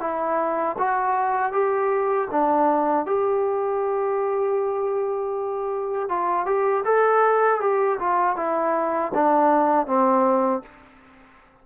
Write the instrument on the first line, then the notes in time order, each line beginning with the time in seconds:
trombone
0.00 E4
0.78 F#4
1.52 G4
2.31 D4
3.06 G4
6.09 F4
6.46 G4
6.84 A4
7.61 G4
7.99 F4
8.36 E4
9.14 D4
9.86 C4